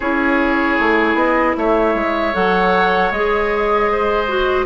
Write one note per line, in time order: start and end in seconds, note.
0.00 0.78 C#4
0.00 2.33 E4
0.00 1.56 G#4
0.00 1.16 C#5
0.79 1.14 A3
1.14 1.53 B3
1.14 1.55 D#5
1.56 1.94 A3
1.56 3.91 C#5
1.56 2.34 E5
1.94 2.33 G#3
2.33 3.11 F#3
2.33 3.11 A4
2.33 3.11 F#5
3.11 4.65 G#3
3.11 4.27 G#4
3.11 4.65 D#5
3.91 4.65 C5
4.27 4.65 F#4